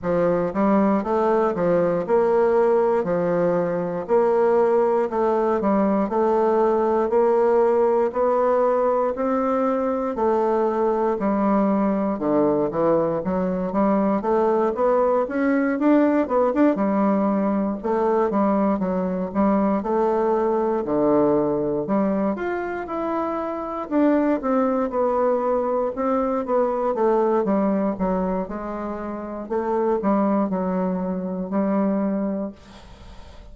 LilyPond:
\new Staff \with { instrumentName = "bassoon" } { \time 4/4 \tempo 4 = 59 f8 g8 a8 f8 ais4 f4 | ais4 a8 g8 a4 ais4 | b4 c'4 a4 g4 | d8 e8 fis8 g8 a8 b8 cis'8 d'8 |
b16 d'16 g4 a8 g8 fis8 g8 a8~ | a8 d4 g8 f'8 e'4 d'8 | c'8 b4 c'8 b8 a8 g8 fis8 | gis4 a8 g8 fis4 g4 | }